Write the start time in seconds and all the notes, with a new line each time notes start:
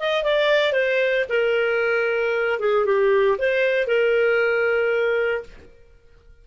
0.00 D#5
0.24 D5
0.73 C5
1.29 A#4
2.60 G#4
2.86 G4
3.39 C5
3.88 A#4